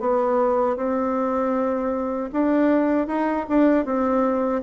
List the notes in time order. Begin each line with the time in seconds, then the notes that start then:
0.00 B3
0.76 C4
2.32 D4
3.07 D#4
3.49 D4
3.85 C4